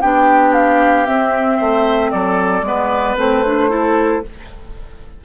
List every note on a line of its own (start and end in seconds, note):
0.00 1.07 B3
0.00 1.06 D4
0.00 1.57 G4
0.00 0.53 G5
0.53 1.06 F5
1.06 2.64 C4
1.06 1.59 C4
1.06 2.11 E5
1.57 2.12 A3
1.57 2.09 C5
2.11 2.61 F#3
2.11 2.65 A4
2.11 3.16 D5
2.61 3.14 G#3
2.61 3.17 B3
2.61 3.70 B4
3.17 4.22 A3
3.17 3.43 C4
3.17 4.24 C5
3.46 3.69 D4
3.69 4.22 E4
3.69 4.23 A4